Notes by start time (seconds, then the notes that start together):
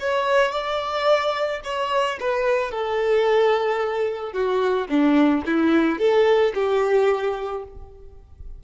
0.00 C#5
0.53 D5
1.64 C#5
2.20 B4
2.72 A4
4.33 F#4
4.90 D4
5.46 E4
5.99 A4
6.55 G4